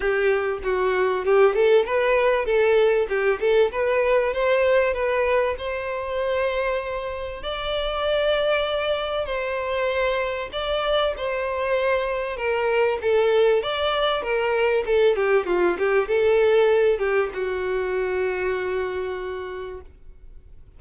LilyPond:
\new Staff \with { instrumentName = "violin" } { \time 4/4 \tempo 4 = 97 g'4 fis'4 g'8 a'8 b'4 | a'4 g'8 a'8 b'4 c''4 | b'4 c''2. | d''2. c''4~ |
c''4 d''4 c''2 | ais'4 a'4 d''4 ais'4 | a'8 g'8 f'8 g'8 a'4. g'8 | fis'1 | }